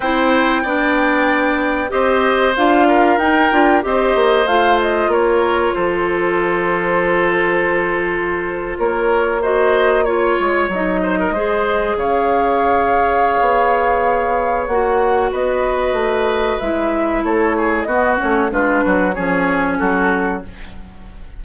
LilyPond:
<<
  \new Staff \with { instrumentName = "flute" } { \time 4/4 \tempo 4 = 94 g''2. dis''4 | f''4 g''4 dis''4 f''8 dis''8 | cis''4 c''2.~ | c''4.~ c''16 cis''4 dis''4 cis''16~ |
cis''8. dis''2 f''4~ f''16~ | f''2. fis''4 | dis''2 e''4 cis''4 | dis''8 cis''8 b'4 cis''4 a'4 | }
  \new Staff \with { instrumentName = "oboe" } { \time 4/4 c''4 d''2 c''4~ | c''8 ais'4. c''2 | ais'4 a'2.~ | a'4.~ a'16 ais'4 c''4 cis''16~ |
cis''4~ cis''16 c''16 ais'16 c''4 cis''4~ cis''16~ | cis''1 | b'2. a'8 gis'8 | fis'4 f'8 fis'8 gis'4 fis'4 | }
  \new Staff \with { instrumentName = "clarinet" } { \time 4/4 e'4 d'2 g'4 | f'4 dis'8 f'8 g'4 f'4~ | f'1~ | f'2~ f'8. fis'4 f'16~ |
f'8. dis'4 gis'2~ gis'16~ | gis'2. fis'4~ | fis'2 e'2 | b8 cis'8 d'4 cis'2 | }
  \new Staff \with { instrumentName = "bassoon" } { \time 4/4 c'4 b2 c'4 | d'4 dis'8 d'8 c'8 ais8 a4 | ais4 f2.~ | f4.~ f16 ais2~ ais16~ |
ais16 gis8 fis4 gis4 cis4~ cis16~ | cis4 b2 ais4 | b4 a4 gis4 a4 | b8 a8 gis8 fis8 f4 fis4 | }
>>